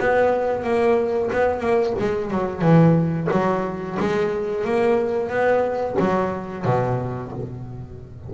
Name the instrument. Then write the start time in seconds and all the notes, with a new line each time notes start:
double bass
0.00 B3
0.63 A#3
1.33 B3
1.60 A#3
1.99 G#3
2.31 F#3
2.62 E3
3.32 F#3
4.00 G#3
4.65 A#3
5.30 B3
5.99 F#3
6.65 B2